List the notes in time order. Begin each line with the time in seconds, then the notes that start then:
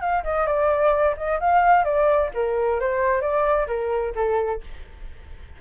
0.00 F5
0.23 D#5
0.46 D5
1.16 D#5
1.39 F5
1.84 D5
2.34 A#4
2.79 C5
3.21 D5
3.67 A#4
4.15 A4